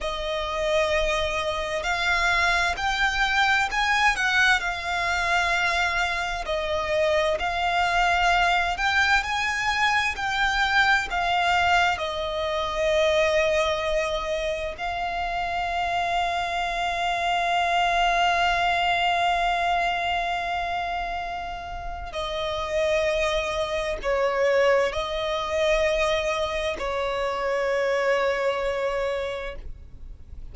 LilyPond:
\new Staff \with { instrumentName = "violin" } { \time 4/4 \tempo 4 = 65 dis''2 f''4 g''4 | gis''8 fis''8 f''2 dis''4 | f''4. g''8 gis''4 g''4 | f''4 dis''2. |
f''1~ | f''1 | dis''2 cis''4 dis''4~ | dis''4 cis''2. | }